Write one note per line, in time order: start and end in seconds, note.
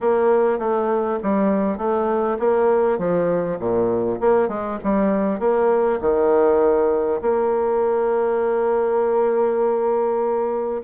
0.00 0.58 A#3
0.58 1.18 A3
1.22 1.77 G3
1.77 2.37 A3
2.39 2.98 A#3
2.98 3.58 F3
3.59 4.19 A#2
4.20 4.48 A#3
4.48 4.78 G#3
4.83 5.39 G3
5.39 5.99 A#3
6.01 7.21 D#3
7.21 10.81 A#3